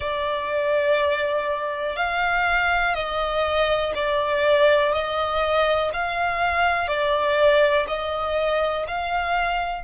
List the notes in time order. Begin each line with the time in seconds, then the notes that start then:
0.00 D5
1.96 F5
2.94 D#5
3.94 D5
4.92 D#5
5.93 F5
6.87 D5
7.87 D#5
8.87 F5